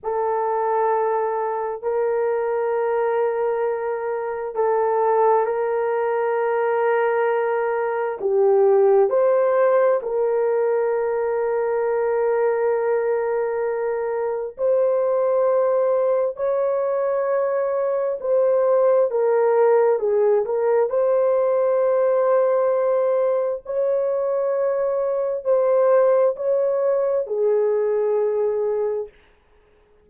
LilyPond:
\new Staff \with { instrumentName = "horn" } { \time 4/4 \tempo 4 = 66 a'2 ais'2~ | ais'4 a'4 ais'2~ | ais'4 g'4 c''4 ais'4~ | ais'1 |
c''2 cis''2 | c''4 ais'4 gis'8 ais'8 c''4~ | c''2 cis''2 | c''4 cis''4 gis'2 | }